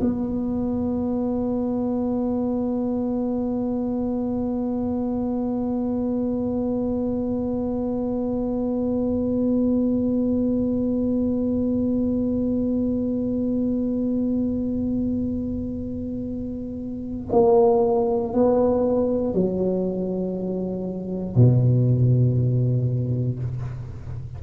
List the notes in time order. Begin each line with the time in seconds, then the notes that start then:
0.00 B3
17.32 A#3
18.33 B3
19.34 F#3
21.36 B2